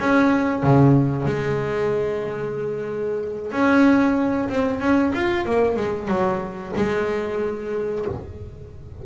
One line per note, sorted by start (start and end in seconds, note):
0.00 0.63 C#4
0.63 1.26 C#3
1.26 3.52 G#3
3.52 4.49 C#4
4.49 4.80 C4
4.80 5.13 C#4
5.15 5.46 F4
5.46 5.77 A#3
5.77 6.08 G#3
6.08 6.72 F#3
6.77 8.06 G#3